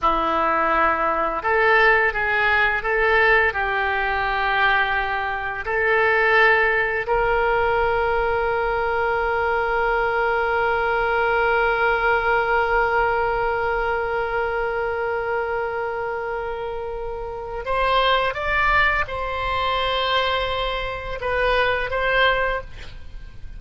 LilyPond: \new Staff \with { instrumentName = "oboe" } { \time 4/4 \tempo 4 = 85 e'2 a'4 gis'4 | a'4 g'2. | a'2 ais'2~ | ais'1~ |
ais'1~ | ais'1~ | ais'4 c''4 d''4 c''4~ | c''2 b'4 c''4 | }